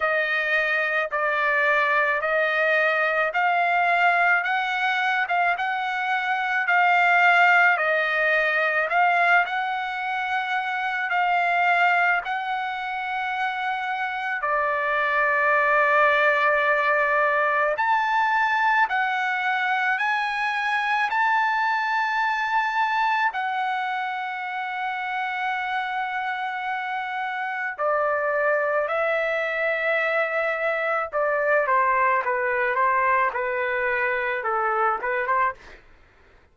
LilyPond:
\new Staff \with { instrumentName = "trumpet" } { \time 4/4 \tempo 4 = 54 dis''4 d''4 dis''4 f''4 | fis''8. f''16 fis''4 f''4 dis''4 | f''8 fis''4. f''4 fis''4~ | fis''4 d''2. |
a''4 fis''4 gis''4 a''4~ | a''4 fis''2.~ | fis''4 d''4 e''2 | d''8 c''8 b'8 c''8 b'4 a'8 b'16 c''16 | }